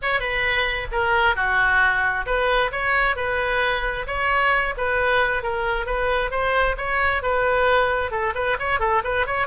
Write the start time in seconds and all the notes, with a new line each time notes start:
0.02 C#5
0.19 B4
0.91 A#4
1.35 F#4
2.26 B4
2.71 C#5
3.16 B4
4.06 C#5
4.77 B4
5.42 A#4
5.86 B4
6.31 C5
6.77 C#5
7.22 B4
8.11 A4
8.34 B4
8.59 C#5
8.79 A4
9.03 B4
9.26 C#5